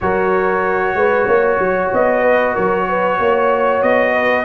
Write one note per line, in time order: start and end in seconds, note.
0.00 0.94 F#3
0.00 4.45 F#4
0.00 0.96 A#4
0.00 1.92 C#5
0.94 1.26 G#3
0.94 1.26 B4
1.26 1.59 A#3
1.26 2.22 C#5
1.59 1.91 F#3
1.92 2.56 B3
1.92 2.55 D#5
2.22 2.53 B4
2.53 3.19 F#3
2.53 2.85 A#4
2.53 3.82 C#5
2.88 3.20 B4
3.19 3.82 A#3
3.19 4.12 C#5
3.82 4.45 B3
3.82 4.45 D#5
4.12 4.44 B4